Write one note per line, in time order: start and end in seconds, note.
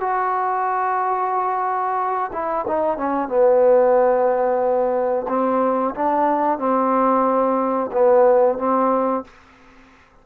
0.00 2.31 F#4
2.32 2.65 E4
2.67 2.97 D#4
2.97 3.28 C#4
3.28 5.26 B3
5.28 5.94 C4
5.94 6.58 D4
6.58 7.90 C4
7.92 8.58 B3
8.58 9.24 C4